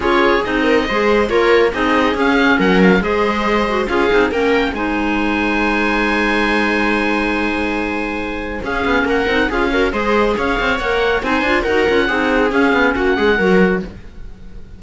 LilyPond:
<<
  \new Staff \with { instrumentName = "oboe" } { \time 4/4 \tempo 4 = 139 cis''4 dis''2 cis''4 | dis''4 f''4 fis''8 f''8 dis''4~ | dis''4 f''4 g''4 gis''4~ | gis''1~ |
gis''1 | f''4 fis''4 f''4 dis''4 | f''4 fis''4 gis''4 fis''4~ | fis''4 f''4 fis''2 | }
  \new Staff \with { instrumentName = "viola" } { \time 4/4 gis'4. ais'8 c''4 ais'4 | gis'2 ais'4 c''4~ | c''4 gis'4 ais'4 c''4~ | c''1~ |
c''1 | gis'4 ais'4 gis'8 ais'8 c''4 | cis''2 c''4 ais'4 | gis'2 fis'8 gis'8 ais'4 | }
  \new Staff \with { instrumentName = "clarinet" } { \time 4/4 f'4 dis'4 gis'4 f'4 | dis'4 cis'2 gis'4~ | gis'8 fis'8 f'8 dis'8 cis'4 dis'4~ | dis'1~ |
dis'1 | cis'4. dis'8 f'8 fis'8 gis'4~ | gis'4 ais'4 dis'8 f'8 fis'8 f'8 | dis'4 cis'2 fis'4 | }
  \new Staff \with { instrumentName = "cello" } { \time 4/4 cis'4 c'4 gis4 ais4 | c'4 cis'4 fis4 gis4~ | gis4 cis'8 c'8 ais4 gis4~ | gis1~ |
gis1 | cis'8 b8 ais8 c'8 cis'4 gis4 | cis'8 c'8 ais4 c'8 d'8 dis'8 cis'8 | c'4 cis'8 b8 ais8 gis8 fis4 | }
>>